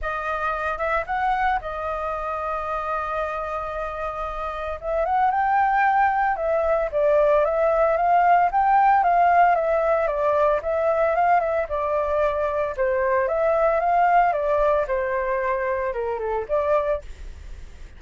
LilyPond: \new Staff \with { instrumentName = "flute" } { \time 4/4 \tempo 4 = 113 dis''4. e''8 fis''4 dis''4~ | dis''1~ | dis''4 e''8 fis''8 g''2 | e''4 d''4 e''4 f''4 |
g''4 f''4 e''4 d''4 | e''4 f''8 e''8 d''2 | c''4 e''4 f''4 d''4 | c''2 ais'8 a'8 d''4 | }